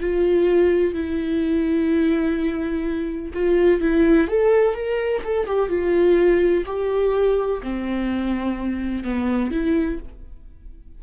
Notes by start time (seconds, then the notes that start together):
0.00 F4
0.94 E4
3.34 F4
3.81 E4
4.28 A4
4.74 A#4
5.24 A4
5.46 G4
5.69 F4
6.66 G4
7.62 C4
9.04 B3
9.51 E4